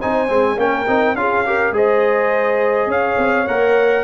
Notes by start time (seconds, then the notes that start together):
0.00 C4 D#4 C5 G#5
0.28 G#3 C4
0.57 A#3 C#4 A#4 G5
0.87 C4 D#4
1.14 C#4 F4 G#4 F5
1.46 G4 A#4
1.71 G#3 G#4 C5 D#5
2.87 C#4 C#5 F5
3.17 C4
3.47 A#3 A#4 F#5